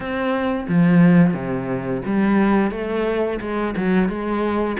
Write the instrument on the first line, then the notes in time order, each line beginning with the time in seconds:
cello
0.00 C4
0.68 F3
1.33 C3
2.05 G3
2.71 A3
3.40 G#3
3.76 F#3
4.08 G#3